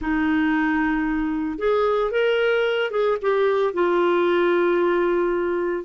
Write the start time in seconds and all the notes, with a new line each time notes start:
0.01 D#4
1.58 G#4
2.11 A#4
2.91 G#4
3.21 G4
3.73 F4